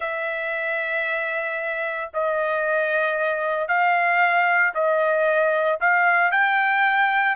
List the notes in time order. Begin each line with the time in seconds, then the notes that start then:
0.00 E5
2.13 D#5
3.68 F5
4.74 D#5
5.80 F5
6.31 G5